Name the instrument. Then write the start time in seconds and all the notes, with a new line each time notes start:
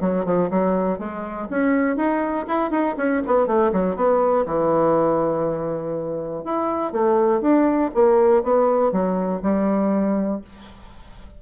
bassoon
0.00 F#3
0.25 F3
0.50 F#3
0.98 G#3
1.50 C#4
1.96 D#4
2.47 E4
2.71 D#4
2.97 C#4
3.26 B3
3.46 A3
3.72 F#3
3.96 B3
4.46 E3
6.44 E4
6.92 A3
7.41 D4
7.94 A#3
8.43 B3
8.92 F#3
9.42 G3